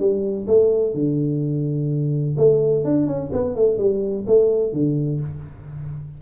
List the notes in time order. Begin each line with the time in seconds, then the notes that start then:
0.00 G3
0.48 A3
0.95 D3
2.38 A3
2.85 D4
3.08 C#4
3.33 B3
3.56 A3
3.79 G3
4.27 A3
4.74 D3